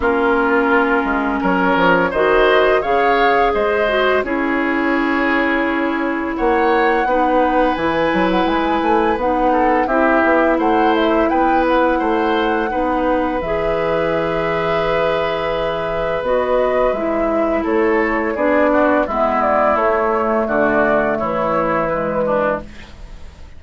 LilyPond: <<
  \new Staff \with { instrumentName = "flute" } { \time 4/4 \tempo 4 = 85 ais'2 cis''4 dis''4 | f''4 dis''4 cis''2~ | cis''4 fis''2 gis''8. fis''16 | gis''4 fis''4 e''4 fis''8 e''8 |
g''8 fis''2~ fis''8 e''4~ | e''2. dis''4 | e''4 cis''4 d''4 e''8 d''8 | cis''4 d''4 cis''4 b'4 | }
  \new Staff \with { instrumentName = "oboe" } { \time 4/4 f'2 ais'4 c''4 | cis''4 c''4 gis'2~ | gis'4 cis''4 b'2~ | b'4. a'8 g'4 c''4 |
b'4 c''4 b'2~ | b'1~ | b'4 a'4 gis'8 fis'8 e'4~ | e'4 fis'4 e'4. d'8 | }
  \new Staff \with { instrumentName = "clarinet" } { \time 4/4 cis'2. fis'4 | gis'4. fis'8 e'2~ | e'2 dis'4 e'4~ | e'4 dis'4 e'2~ |
e'2 dis'4 gis'4~ | gis'2. fis'4 | e'2 d'4 b4 | a2. gis4 | }
  \new Staff \with { instrumentName = "bassoon" } { \time 4/4 ais4. gis8 fis8 f8 dis4 | cis4 gis4 cis'2~ | cis'4 ais4 b4 e8 fis8 | gis8 a8 b4 c'8 b8 a4 |
b4 a4 b4 e4~ | e2. b4 | gis4 a4 b4 gis4 | a4 d4 e2 | }
>>